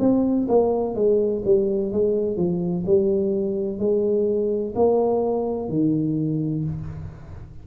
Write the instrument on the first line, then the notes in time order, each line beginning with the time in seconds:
tuba
0.00 C4
0.48 A#3
0.95 G#3
1.45 G3
1.92 G#3
2.37 F3
2.86 G3
3.79 G#3
4.75 A#3
5.69 D#3